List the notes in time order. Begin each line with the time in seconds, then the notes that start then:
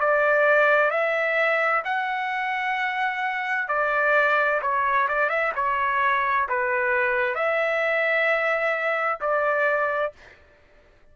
0.00 D5
0.90 E5
1.84 F#5
3.68 D5
4.62 C#5
5.08 D5
5.29 E5
5.55 C#5
6.48 B4
7.35 E5
9.20 D5